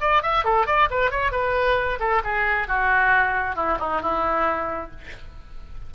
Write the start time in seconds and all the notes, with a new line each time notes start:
0.00 D5
0.22 E5
0.44 A4
0.66 D5
0.90 B4
1.11 C#5
1.31 B4
1.99 A4
2.24 G#4
2.67 F#4
3.55 E4
3.79 D#4
4.01 E4